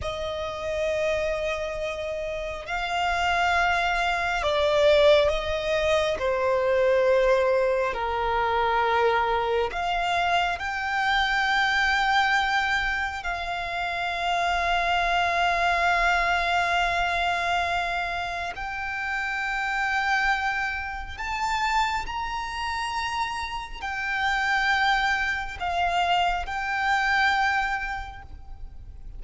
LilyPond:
\new Staff \with { instrumentName = "violin" } { \time 4/4 \tempo 4 = 68 dis''2. f''4~ | f''4 d''4 dis''4 c''4~ | c''4 ais'2 f''4 | g''2. f''4~ |
f''1~ | f''4 g''2. | a''4 ais''2 g''4~ | g''4 f''4 g''2 | }